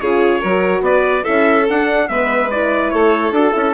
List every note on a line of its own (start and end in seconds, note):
0.00 0.43 C#3
0.00 0.43 F4
0.00 0.40 G#4
0.00 0.83 C#5
0.40 0.81 F#3
0.40 1.23 F#4
0.40 0.82 A#4
0.81 1.22 B3
0.81 1.23 B4
0.81 1.24 D5
1.23 1.69 C#4
1.23 1.65 E4
1.23 2.06 A4
1.23 1.66 E5
1.69 2.09 D4
1.69 2.08 F#5
2.08 2.92 G#3
2.08 2.51 B3
2.08 2.93 B4
2.08 2.50 E5
2.50 3.35 E4
2.50 2.90 D5
2.90 3.31 A3
2.90 3.74 A4
2.90 3.32 C#5
3.31 3.52 D4
3.31 3.52 F#4
3.31 3.74 A4
3.52 3.74 C#4
3.52 3.73 E4